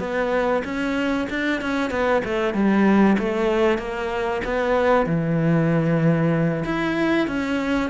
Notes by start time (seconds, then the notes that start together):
0.00 B3
0.65 C#4
1.30 D4
1.62 C#4
1.91 B3
2.25 A3
2.54 G3
3.19 A3
3.79 A#3
4.45 B3
5.07 E3
6.65 E4
7.28 C#4